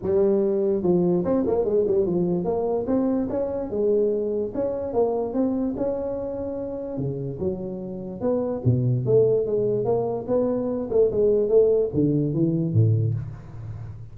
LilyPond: \new Staff \with { instrumentName = "tuba" } { \time 4/4 \tempo 4 = 146 g2 f4 c'8 ais8 | gis8 g8 f4 ais4 c'4 | cis'4 gis2 cis'4 | ais4 c'4 cis'2~ |
cis'4 cis4 fis2 | b4 b,4 a4 gis4 | ais4 b4. a8 gis4 | a4 d4 e4 a,4 | }